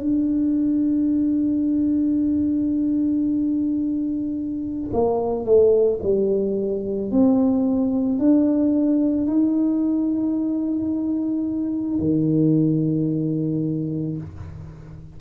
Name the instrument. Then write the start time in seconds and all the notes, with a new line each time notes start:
tuba
0.00 D4
4.94 A#3
5.45 A3
6.03 G3
7.12 C4
8.19 D4
9.28 D#4
12.00 D#3